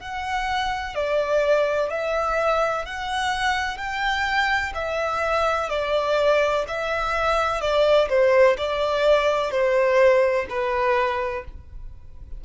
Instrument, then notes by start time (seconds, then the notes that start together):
violin
0.00 F#5
0.95 D5
1.90 E5
2.85 F#5
3.77 G5
4.74 E5
5.70 D5
6.68 E5
7.61 D5
8.09 C5
8.58 D5
9.51 C5
10.49 B4